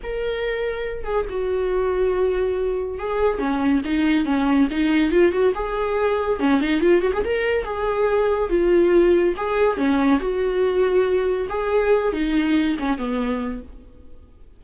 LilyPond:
\new Staff \with { instrumentName = "viola" } { \time 4/4 \tempo 4 = 141 ais'2~ ais'8 gis'8 fis'4~ | fis'2. gis'4 | cis'4 dis'4 cis'4 dis'4 | f'8 fis'8 gis'2 cis'8 dis'8 |
f'8 fis'16 gis'16 ais'4 gis'2 | f'2 gis'4 cis'4 | fis'2. gis'4~ | gis'8 dis'4. cis'8 b4. | }